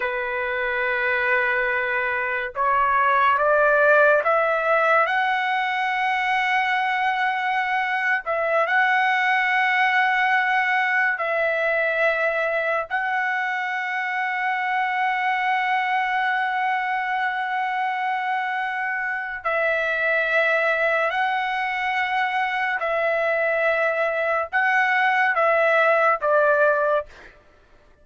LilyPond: \new Staff \with { instrumentName = "trumpet" } { \time 4/4 \tempo 4 = 71 b'2. cis''4 | d''4 e''4 fis''2~ | fis''4.~ fis''16 e''8 fis''4.~ fis''16~ | fis''4~ fis''16 e''2 fis''8.~ |
fis''1~ | fis''2. e''4~ | e''4 fis''2 e''4~ | e''4 fis''4 e''4 d''4 | }